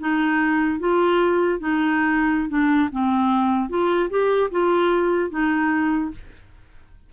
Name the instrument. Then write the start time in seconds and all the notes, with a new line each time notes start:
clarinet
0.00 D#4
0.80 F4
1.60 D#4
2.49 D4
2.92 C4
3.70 F4
4.10 G4
4.51 F4
5.30 D#4